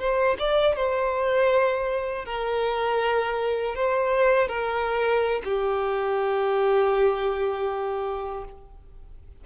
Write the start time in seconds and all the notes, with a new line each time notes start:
0.00 C5
0.39 D5
0.76 C5
2.25 A#4
3.76 C5
4.48 A#4
5.45 G4